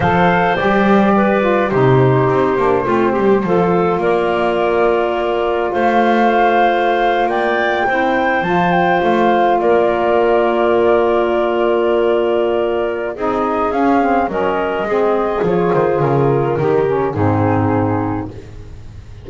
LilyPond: <<
  \new Staff \with { instrumentName = "flute" } { \time 4/4 \tempo 4 = 105 f''4 d''2 c''4~ | c''2. d''4~ | d''2 f''2~ | f''8. g''2 a''8 g''8 f''16~ |
f''8. d''2.~ d''16~ | d''2. dis''4 | f''4 dis''2 cis''8 c''8 | ais'2 gis'2 | }
  \new Staff \with { instrumentName = "clarinet" } { \time 4/4 c''2 b'4 g'4~ | g'4 f'8 g'8 a'4 ais'4~ | ais'2 c''2~ | c''8. d''4 c''2~ c''16~ |
c''8. ais'2.~ ais'16~ | ais'2. gis'4~ | gis'4 ais'4 gis'2~ | gis'4 g'4 dis'2 | }
  \new Staff \with { instrumentName = "saxophone" } { \time 4/4 a'4 g'4. f'8 dis'4~ | dis'8 d'8 c'4 f'2~ | f'1~ | f'4.~ f'16 e'4 f'4~ f'16~ |
f'1~ | f'2. dis'4 | cis'8 c'8 cis'4 c'4 f'4~ | f'4 dis'8 cis'8 c'2 | }
  \new Staff \with { instrumentName = "double bass" } { \time 4/4 f4 g2 c4 | c'8 ais8 a8 g8 f4 ais4~ | ais2 a2~ | a8. ais4 c'4 f4 a16~ |
a8. ais2.~ ais16~ | ais2. c'4 | cis'4 fis4 gis4 f8 dis8 | cis4 dis4 gis,2 | }
>>